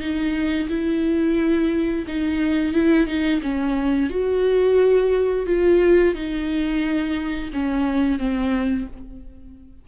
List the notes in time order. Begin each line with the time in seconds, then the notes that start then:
0.00 D#4
0.69 E4
2.07 D#4
2.73 E4
3.07 D#4
3.42 C#4
4.10 F#4
5.46 F4
6.14 D#4
7.53 C#4
8.18 C4